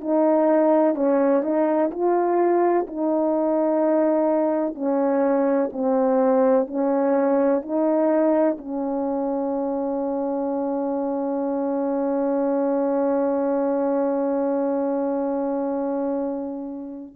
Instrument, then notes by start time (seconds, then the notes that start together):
horn
0.00 D#4
0.95 C#4
1.42 D#4
1.91 F4
2.87 D#4
4.74 C#4
5.72 C4
6.67 C#4
7.61 D#4
8.58 C#4